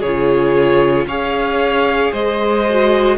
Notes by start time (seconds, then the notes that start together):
0.00 C#3 G#4 C#5
0.07 F4
1.06 C#4 G#4 C#5 F5
2.12 G#3 C5 D#5
2.70 F#4